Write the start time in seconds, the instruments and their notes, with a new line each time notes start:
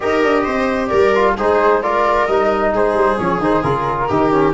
0.00 tuba D#4, trombone G4, viola A#4, flute D#5
0.23 tuba D4
0.43 tuba C4, viola C5
0.86 tuba G3, viola A#4, flute D5
1.15 trombone F4
1.36 tuba G#3, trombone D#4, viola G#4, flute C5
1.82 trombone F4, viola A#4, flute D5
2.26 tuba G3, trombone D#4, flute D#5
2.73 tuba G#3, viola G#4, flute C5
2.93 tuba G3
3.18 tuba F3, trombone C#4, flute C#5
3.38 tuba D#3, trombone D#4, flute C5
3.62 tuba C#3, trombone F4, flute A#4
4.08 tuba D#3, trombone D#4, viola G4
4.31 trombone C#4